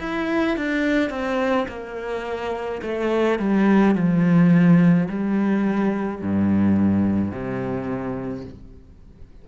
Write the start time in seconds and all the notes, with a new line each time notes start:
0.00 E4
0.57 D4
1.10 C4
1.68 A#3
2.82 A3
3.39 G3
3.95 F3
5.09 G3
6.22 G2
7.31 C3